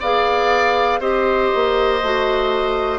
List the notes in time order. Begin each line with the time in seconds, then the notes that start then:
0.00 B3 G#4 D5 F5
1.00 C4 G4 C5 D#5
1.55 A#3
2.02 A3 F#4